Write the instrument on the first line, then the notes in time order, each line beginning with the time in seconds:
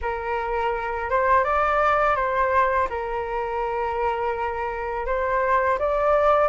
flute
0.01 A#4
1.09 C5
1.44 D5
2.15 C5
2.89 A#4
5.06 C5
5.78 D5